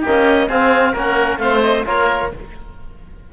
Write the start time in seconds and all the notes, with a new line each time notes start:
0.00 A#3 G4 D#5
0.08 C#4
0.47 C4 G#4 F5
0.92 A#3 C#4 A#4 F#5
1.37 A3 C4 C5 F5
1.62 D#5
1.85 A#3 F4 A#4 C#5